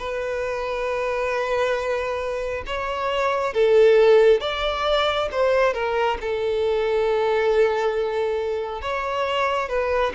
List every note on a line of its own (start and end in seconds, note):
0.00 2.65 B4
2.67 3.54 C#5
3.54 4.41 A4
4.41 5.29 D5
5.32 5.74 C5
5.74 6.18 A#4
6.21 8.82 A4
8.82 9.69 C#5
9.69 10.14 B4